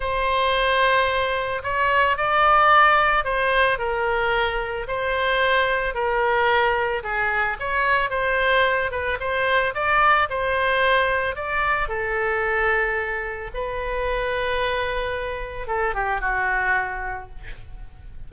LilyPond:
\new Staff \with { instrumentName = "oboe" } { \time 4/4 \tempo 4 = 111 c''2. cis''4 | d''2 c''4 ais'4~ | ais'4 c''2 ais'4~ | ais'4 gis'4 cis''4 c''4~ |
c''8 b'8 c''4 d''4 c''4~ | c''4 d''4 a'2~ | a'4 b'2.~ | b'4 a'8 g'8 fis'2 | }